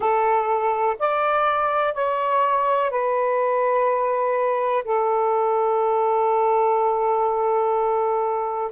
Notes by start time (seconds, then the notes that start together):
0.00 A4
0.99 D5
1.94 C#5
2.90 B4
4.84 A4